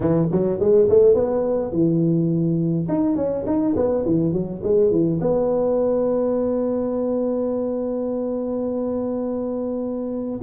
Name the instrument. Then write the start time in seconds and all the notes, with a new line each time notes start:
tuba
0.00 E3
0.31 F#3
0.59 G#3
0.89 A3
1.14 B3
1.72 E3
2.88 D#4
3.16 C#4
3.46 D#4
3.76 B3
4.05 E3
4.32 F#3
4.63 G#3
4.91 E3
5.20 B3